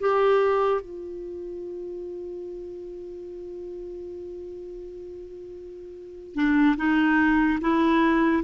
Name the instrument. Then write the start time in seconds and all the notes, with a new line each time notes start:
clarinet
0.00 G4
0.81 F4
6.35 D4
6.77 D#4
7.61 E4